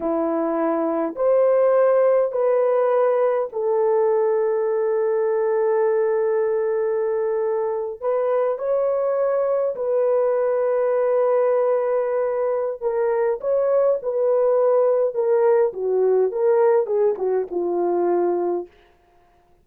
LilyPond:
\new Staff \with { instrumentName = "horn" } { \time 4/4 \tempo 4 = 103 e'2 c''2 | b'2 a'2~ | a'1~ | a'4.~ a'16 b'4 cis''4~ cis''16~ |
cis''8. b'2.~ b'16~ | b'2 ais'4 cis''4 | b'2 ais'4 fis'4 | ais'4 gis'8 fis'8 f'2 | }